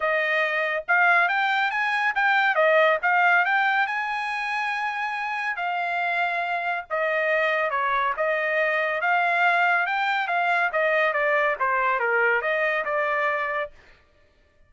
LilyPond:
\new Staff \with { instrumentName = "trumpet" } { \time 4/4 \tempo 4 = 140 dis''2 f''4 g''4 | gis''4 g''4 dis''4 f''4 | g''4 gis''2.~ | gis''4 f''2. |
dis''2 cis''4 dis''4~ | dis''4 f''2 g''4 | f''4 dis''4 d''4 c''4 | ais'4 dis''4 d''2 | }